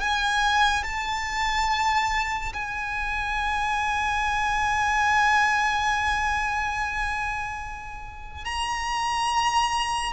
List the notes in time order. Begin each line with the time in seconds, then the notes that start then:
0.00 G#5
0.84 A5
2.54 G#5
8.45 A#5